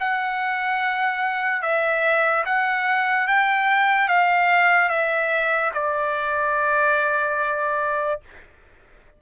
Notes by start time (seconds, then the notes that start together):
0.00 F#5
1.62 E5
2.46 F#5
3.28 G5
4.08 F5
4.89 E5
5.74 D5